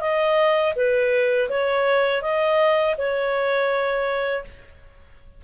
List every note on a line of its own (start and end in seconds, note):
0.00 0.73 D#5
0.75 1.49 B4
1.49 2.22 C#5
2.22 2.95 D#5
2.97 4.44 C#5